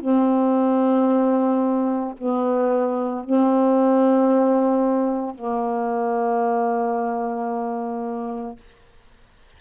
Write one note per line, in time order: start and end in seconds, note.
0.00 2.14 C4
2.18 3.24 B3
3.24 5.35 C4
5.35 8.56 A#3